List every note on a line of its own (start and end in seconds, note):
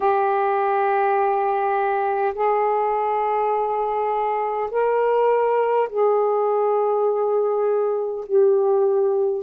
0.00 2.33 G4
2.34 4.70 G#4
4.71 5.88 A#4
5.89 8.24 G#4
8.26 9.43 G4